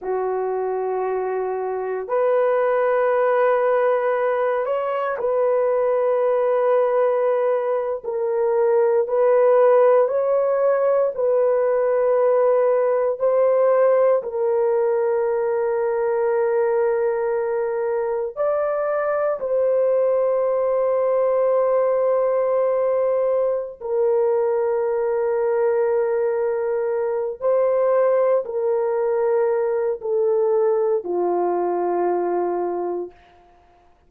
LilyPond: \new Staff \with { instrumentName = "horn" } { \time 4/4 \tempo 4 = 58 fis'2 b'2~ | b'8 cis''8 b'2~ b'8. ais'16~ | ais'8. b'4 cis''4 b'4~ b'16~ | b'8. c''4 ais'2~ ais'16~ |
ais'4.~ ais'16 d''4 c''4~ c''16~ | c''2. ais'4~ | ais'2~ ais'8 c''4 ais'8~ | ais'4 a'4 f'2 | }